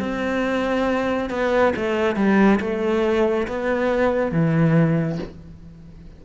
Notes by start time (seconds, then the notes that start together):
0.00 C4
1.30 B3
1.76 A3
2.16 G3
2.60 A3
3.47 B3
4.32 E3